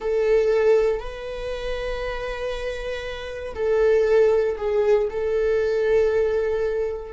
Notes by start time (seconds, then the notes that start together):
0.00 A4
0.99 B4
3.54 A4
4.57 G#4
5.10 A4